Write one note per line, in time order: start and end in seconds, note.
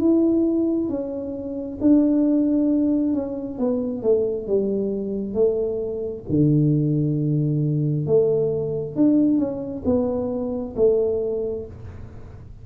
0.00 0.89 E4
0.89 1.79 C#4
1.81 3.14 D4
3.14 3.58 C#4
3.58 4.03 B3
4.03 4.47 A3
4.47 5.34 G3
5.34 6.24 A3
6.29 8.06 D3
8.06 8.96 A3
8.96 9.38 D4
9.38 9.83 C#4
9.85 10.75 B3
10.76 11.66 A3